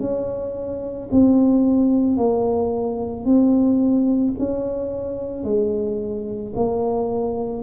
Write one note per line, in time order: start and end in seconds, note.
0.00 1.09 C#4
1.12 2.17 C4
2.17 3.25 A#3
3.25 4.34 C4
4.39 5.44 C#4
5.44 6.53 G#3
6.56 7.63 A#3